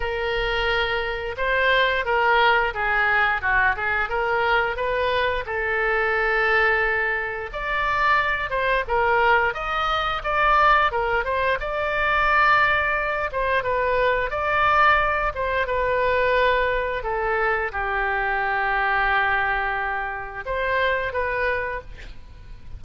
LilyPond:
\new Staff \with { instrumentName = "oboe" } { \time 4/4 \tempo 4 = 88 ais'2 c''4 ais'4 | gis'4 fis'8 gis'8 ais'4 b'4 | a'2. d''4~ | d''8 c''8 ais'4 dis''4 d''4 |
ais'8 c''8 d''2~ d''8 c''8 | b'4 d''4. c''8 b'4~ | b'4 a'4 g'2~ | g'2 c''4 b'4 | }